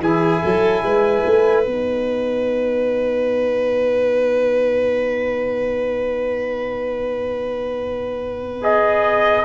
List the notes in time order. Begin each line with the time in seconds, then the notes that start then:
0.00 E3 E4 G#4 G#5
0.43 F#3 A4
0.84 G#3 B4
1.27 A3
1.63 B3 D#4 F#5
8.62 G#4 D#5